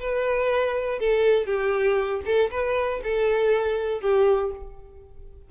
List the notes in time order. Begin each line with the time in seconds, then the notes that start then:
0.00 B4
1.00 A4
1.47 G4
2.26 A4
2.51 B4
3.04 A4
4.01 G4